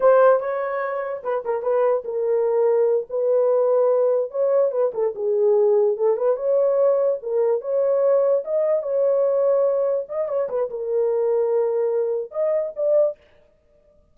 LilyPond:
\new Staff \with { instrumentName = "horn" } { \time 4/4 \tempo 4 = 146 c''4 cis''2 b'8 ais'8 | b'4 ais'2~ ais'8 b'8~ | b'2~ b'8 cis''4 b'8 | a'8 gis'2 a'8 b'8 cis''8~ |
cis''4. ais'4 cis''4.~ | cis''8 dis''4 cis''2~ cis''8~ | cis''8 dis''8 cis''8 b'8 ais'2~ | ais'2 dis''4 d''4 | }